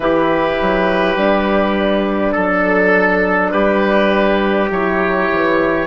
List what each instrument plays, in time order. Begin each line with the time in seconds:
0.00 bassoon E3, horn E4, trumpet G4, oboe B4
0.61 bassoon F#3
1.16 bassoon G3, horn D4
2.32 bassoon F#3, trumpet A4, oboe A4
3.51 bassoon G3, trumpet G4, oboe B4
4.70 bassoon F#3, horn E4, oboe C#5
5.33 bassoon E3